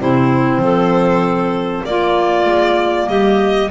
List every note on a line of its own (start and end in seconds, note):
0.00 0.58 C3
0.00 1.86 C4
0.00 0.62 E4
0.00 1.85 C5
0.58 1.81 F3
0.58 1.86 A4
1.85 2.46 A#3
1.85 3.71 A#3
1.85 3.08 F4
1.85 3.09 D5
2.46 3.08 G#3
3.08 3.71 G3
3.08 3.70 G4
3.08 3.70 D#5